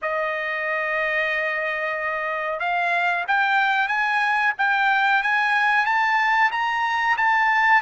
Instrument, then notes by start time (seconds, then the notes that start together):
trumpet
0.02 D#5
2.59 F5
3.27 G5
3.88 G#5
4.57 G5
5.22 G#5
5.85 A5
6.51 A#5
7.17 A5